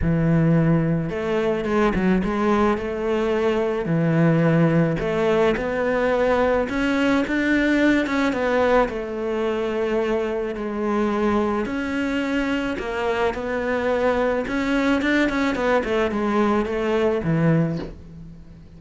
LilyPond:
\new Staff \with { instrumentName = "cello" } { \time 4/4 \tempo 4 = 108 e2 a4 gis8 fis8 | gis4 a2 e4~ | e4 a4 b2 | cis'4 d'4. cis'8 b4 |
a2. gis4~ | gis4 cis'2 ais4 | b2 cis'4 d'8 cis'8 | b8 a8 gis4 a4 e4 | }